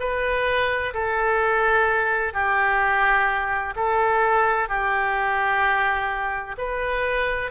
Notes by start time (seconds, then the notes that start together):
0.00 B4
0.94 A4
2.34 G4
3.76 A4
4.69 G4
6.58 B4